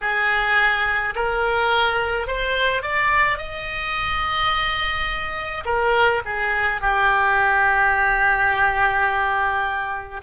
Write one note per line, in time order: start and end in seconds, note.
0.01 1.14 G#4
1.15 2.26 A#4
2.26 2.82 C5
2.82 3.38 D5
3.38 5.64 D#5
5.65 6.22 A#4
6.25 6.81 G#4
6.81 10.20 G4